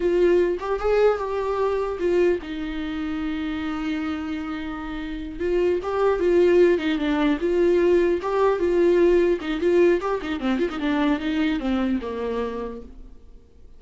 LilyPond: \new Staff \with { instrumentName = "viola" } { \time 4/4 \tempo 4 = 150 f'4. g'8 gis'4 g'4~ | g'4 f'4 dis'2~ | dis'1~ | dis'4. f'4 g'4 f'8~ |
f'4 dis'8 d'4 f'4.~ | f'8 g'4 f'2 dis'8 | f'4 g'8 dis'8 c'8 f'16 dis'16 d'4 | dis'4 c'4 ais2 | }